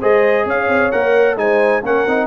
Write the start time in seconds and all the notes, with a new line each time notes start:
0.00 G#3 G#4 C5 D#5
0.46 C#4 C#5 F5
0.69 C4
0.92 A#3 A#4 F#5
1.36 G#3 D#4 C5 G#5
1.82 A#3 C#4 A#4 F#5
2.07 C4 D#4